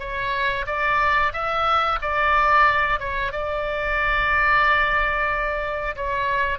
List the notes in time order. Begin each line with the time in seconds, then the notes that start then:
0.00 C#5
0.67 D5
1.33 E5
2.02 D5
3.00 C#5
3.32 D5
5.96 C#5